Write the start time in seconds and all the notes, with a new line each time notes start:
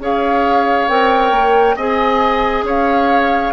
0.00 C#4 G#4 C#5 F5
0.88 C4 A#4 G5
1.32 A#3
1.76 C4 G#4 D#5 G#5
2.63 C#4 C#5 F5